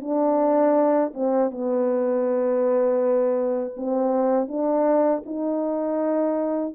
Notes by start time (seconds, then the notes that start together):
0.00 D4
1.14 C4
1.50 B3
3.76 C4
4.48 D4
5.25 D#4